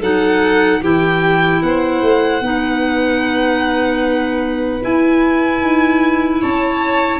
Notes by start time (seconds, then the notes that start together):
0.00 F#3 D#4 A4 F#5
0.81 E3 E4 G4 G5
1.62 B3 C5 F#5
2.01 A3
2.40 B3 D#4 B4
4.81 E4 G#5
5.61 D#4
6.41 C#4 C#5 A5